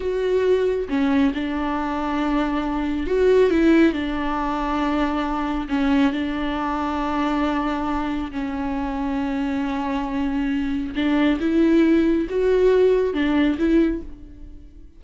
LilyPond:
\new Staff \with { instrumentName = "viola" } { \time 4/4 \tempo 4 = 137 fis'2 cis'4 d'4~ | d'2. fis'4 | e'4 d'2.~ | d'4 cis'4 d'2~ |
d'2. cis'4~ | cis'1~ | cis'4 d'4 e'2 | fis'2 d'4 e'4 | }